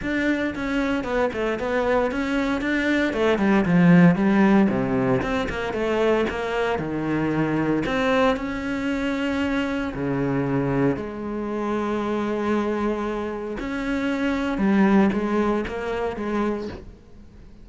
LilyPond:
\new Staff \with { instrumentName = "cello" } { \time 4/4 \tempo 4 = 115 d'4 cis'4 b8 a8 b4 | cis'4 d'4 a8 g8 f4 | g4 c4 c'8 ais8 a4 | ais4 dis2 c'4 |
cis'2. cis4~ | cis4 gis2.~ | gis2 cis'2 | g4 gis4 ais4 gis4 | }